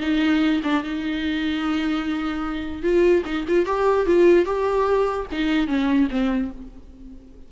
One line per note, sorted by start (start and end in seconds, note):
0.00 0.61 D#4
0.63 0.83 D4
0.83 2.82 D#4
2.82 3.23 F4
3.25 3.45 D#4
3.48 3.66 F4
3.66 4.06 G4
4.06 4.45 F4
4.45 5.26 G4
5.32 5.67 D#4
5.67 6.08 C#4
6.10 6.51 C4